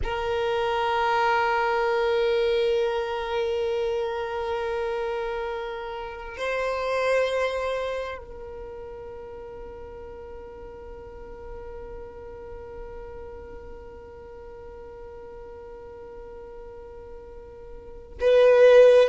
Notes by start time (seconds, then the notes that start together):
0.03 A#4
6.37 C5
8.17 A#4
18.20 B4